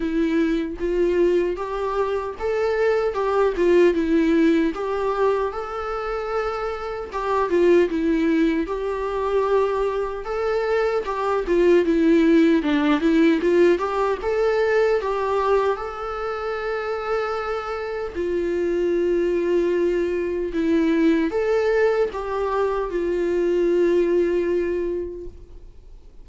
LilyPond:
\new Staff \with { instrumentName = "viola" } { \time 4/4 \tempo 4 = 76 e'4 f'4 g'4 a'4 | g'8 f'8 e'4 g'4 a'4~ | a'4 g'8 f'8 e'4 g'4~ | g'4 a'4 g'8 f'8 e'4 |
d'8 e'8 f'8 g'8 a'4 g'4 | a'2. f'4~ | f'2 e'4 a'4 | g'4 f'2. | }